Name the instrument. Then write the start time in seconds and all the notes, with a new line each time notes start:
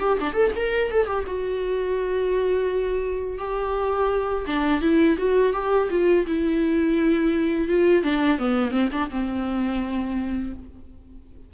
viola
0.00 G4
0.20 D4
0.33 A4
0.56 A#4
0.91 A4
1.07 G4
1.27 F#4
3.39 G4
4.46 D4
4.81 E4
5.18 F#4
5.53 G4
5.90 F4
6.27 E4
7.68 F4
8.04 D4
8.39 B3
8.71 C4
8.92 D4
9.10 C4